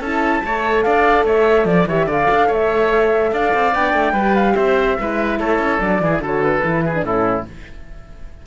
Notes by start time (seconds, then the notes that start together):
0.00 C#4 E4 A4 A5
0.44 A3 A4 C#5
0.83 D4 D5 F5
1.24 A3 C#5 E5
1.65 F3 D5
1.86 E3 G4 C#5 E5
2.06 D3 A4 D5 F5
2.30 D4
2.47 A3 C#5 E5
3.33 D4 D5 F5
3.54 C4
3.74 B3 D4 G5
3.94 A3
4.13 G3 G4 B4
4.36 F5
4.56 C4 C5 E5
4.98 G#3 E4 B4
5.39 A3 A4 C#5
5.59 C#4
5.81 F#3 D4 D5
6.01 E3 E4 G#4
6.20 D3 F#4 A4
6.26 C#5
6.43 B4
6.64 E3 E4
6.85 G#4
6.95 D4
7.03 A2 C#4 E4 A4